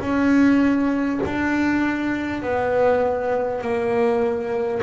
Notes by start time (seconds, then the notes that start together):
0.00 C#4
1.25 D4
2.42 B3
3.61 A#3